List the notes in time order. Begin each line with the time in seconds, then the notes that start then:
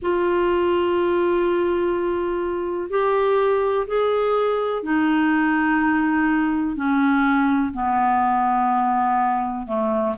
0.02 F4
2.90 G4
3.87 G#4
4.83 D#4
6.76 C#4
7.73 B3
9.66 A3